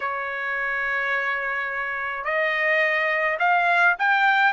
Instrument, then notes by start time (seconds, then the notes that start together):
trumpet
0.00 C#5
2.24 D#5
3.39 F5
3.98 G5